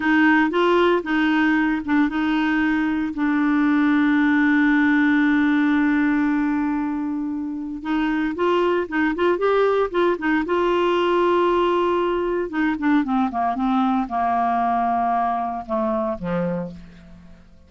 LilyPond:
\new Staff \with { instrumentName = "clarinet" } { \time 4/4 \tempo 4 = 115 dis'4 f'4 dis'4. d'8 | dis'2 d'2~ | d'1~ | d'2. dis'4 |
f'4 dis'8 f'8 g'4 f'8 dis'8 | f'1 | dis'8 d'8 c'8 ais8 c'4 ais4~ | ais2 a4 f4 | }